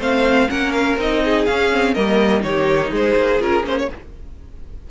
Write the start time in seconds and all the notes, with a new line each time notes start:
0.00 A3 C4 C5 F5
0.49 A#3 C#4 A#4 F#5
0.72 F5
0.97 C4 D#4 D#5
1.25 G#4
1.46 C#4 F5
1.73 C4
1.94 G3 A#3 A#4 D#5
2.41 D#3 D#4 C#5
2.47 G4
2.91 G#3 G#4 C5
3.17 A#3
3.40 C#4 F4 A#4
3.64 A#3 C#4 C5
3.79 C#5